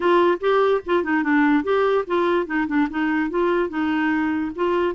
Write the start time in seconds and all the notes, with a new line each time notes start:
0.00 F4
0.40 G4
0.85 F4
1.03 D#4
1.23 D4
1.63 G4
2.06 F4
2.46 D#4
2.67 D4
2.90 D#4
3.30 F4
3.69 D#4
4.55 F4